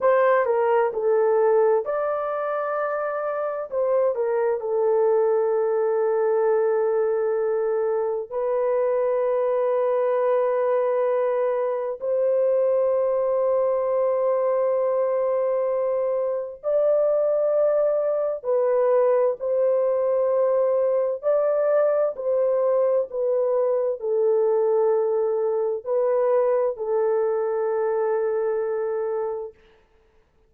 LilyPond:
\new Staff \with { instrumentName = "horn" } { \time 4/4 \tempo 4 = 65 c''8 ais'8 a'4 d''2 | c''8 ais'8 a'2.~ | a'4 b'2.~ | b'4 c''2.~ |
c''2 d''2 | b'4 c''2 d''4 | c''4 b'4 a'2 | b'4 a'2. | }